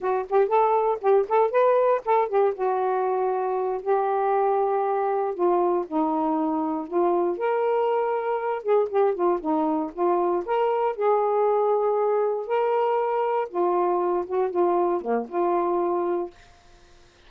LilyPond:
\new Staff \with { instrumentName = "saxophone" } { \time 4/4 \tempo 4 = 118 fis'8 g'8 a'4 g'8 a'8 b'4 | a'8 g'8 fis'2~ fis'8 g'8~ | g'2~ g'8 f'4 dis'8~ | dis'4. f'4 ais'4.~ |
ais'4 gis'8 g'8 f'8 dis'4 f'8~ | f'8 ais'4 gis'2~ gis'8~ | gis'8 ais'2 f'4. | fis'8 f'4 ais8 f'2 | }